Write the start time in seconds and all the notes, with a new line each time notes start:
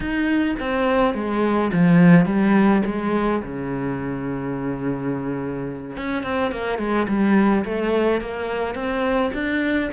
0.00 D#4
0.59 C4
1.14 G#3
1.73 F3
2.25 G3
2.85 G#3
3.42 C#3
5.96 C#4
6.23 C4
6.51 A#3
6.78 G#3
7.08 G3
7.64 A3
8.21 A#3
8.74 C4
9.33 D4